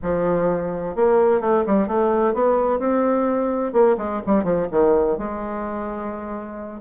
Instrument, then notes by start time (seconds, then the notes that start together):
bassoon
0.02 F3
0.95 A#3
1.40 A3
1.66 G3
1.87 A3
2.34 B3
2.79 C4
3.72 A#3
3.97 G#3
4.26 G3
4.43 F3
4.71 D#3
5.18 G#3